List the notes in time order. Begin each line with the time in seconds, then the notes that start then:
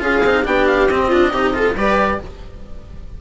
0.00 C#4 F4 G#4 F5
0.24 C4 D#4
0.45 B3 D4 G4 G5
0.67 F5
0.89 C4 D#5
1.08 D4 F4
1.31 C3 D#4 G4
1.54 F4 A4
1.76 G3 G4 B4 D5